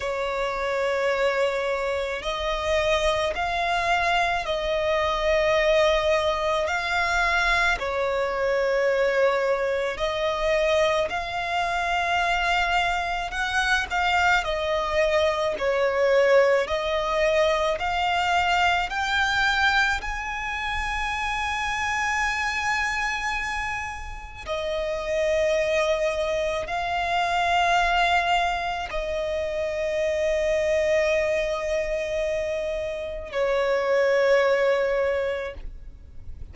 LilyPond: \new Staff \with { instrumentName = "violin" } { \time 4/4 \tempo 4 = 54 cis''2 dis''4 f''4 | dis''2 f''4 cis''4~ | cis''4 dis''4 f''2 | fis''8 f''8 dis''4 cis''4 dis''4 |
f''4 g''4 gis''2~ | gis''2 dis''2 | f''2 dis''2~ | dis''2 cis''2 | }